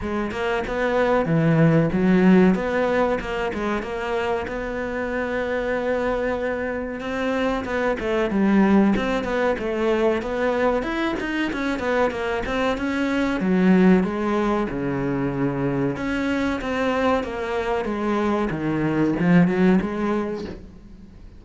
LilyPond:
\new Staff \with { instrumentName = "cello" } { \time 4/4 \tempo 4 = 94 gis8 ais8 b4 e4 fis4 | b4 ais8 gis8 ais4 b4~ | b2. c'4 | b8 a8 g4 c'8 b8 a4 |
b4 e'8 dis'8 cis'8 b8 ais8 c'8 | cis'4 fis4 gis4 cis4~ | cis4 cis'4 c'4 ais4 | gis4 dis4 f8 fis8 gis4 | }